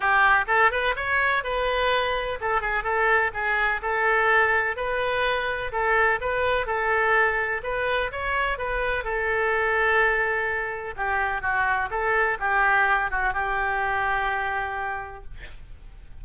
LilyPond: \new Staff \with { instrumentName = "oboe" } { \time 4/4 \tempo 4 = 126 g'4 a'8 b'8 cis''4 b'4~ | b'4 a'8 gis'8 a'4 gis'4 | a'2 b'2 | a'4 b'4 a'2 |
b'4 cis''4 b'4 a'4~ | a'2. g'4 | fis'4 a'4 g'4. fis'8 | g'1 | }